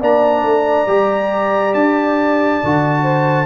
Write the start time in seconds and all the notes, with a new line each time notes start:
0.00 A#3 D4 D5 A#5
0.42 A3
0.87 G3 G4
1.74 D4 A5
2.63 D3 F#4
3.02 C5